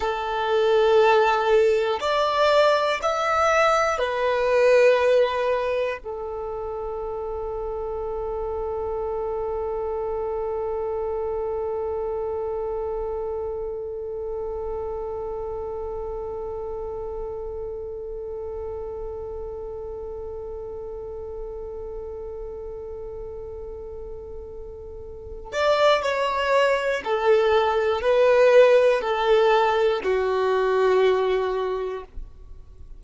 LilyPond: \new Staff \with { instrumentName = "violin" } { \time 4/4 \tempo 4 = 60 a'2 d''4 e''4 | b'2 a'2~ | a'1~ | a'1~ |
a'1~ | a'1~ | a'4. d''8 cis''4 a'4 | b'4 a'4 fis'2 | }